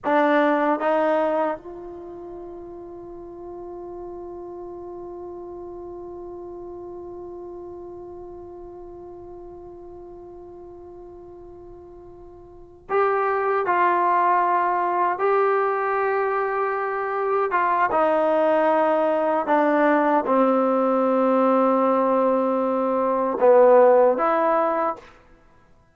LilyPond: \new Staff \with { instrumentName = "trombone" } { \time 4/4 \tempo 4 = 77 d'4 dis'4 f'2~ | f'1~ | f'1~ | f'1~ |
f'8 g'4 f'2 g'8~ | g'2~ g'8 f'8 dis'4~ | dis'4 d'4 c'2~ | c'2 b4 e'4 | }